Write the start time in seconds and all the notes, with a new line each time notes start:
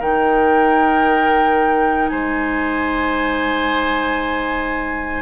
0.00 D#3 D#4 A#4 G5
2.09 G#3 C5 G#5